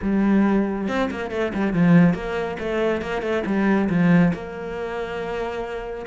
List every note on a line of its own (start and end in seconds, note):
0.01 0.88 G3
0.88 1.09 C4
1.10 1.30 A#3
1.30 1.52 A3
1.53 1.73 G3
1.73 2.14 F3
2.14 2.57 A#3
2.59 3.01 A3
3.01 3.21 A#3
3.21 3.43 A3
3.45 3.88 G3
3.89 4.32 F3
4.33 6.06 A#3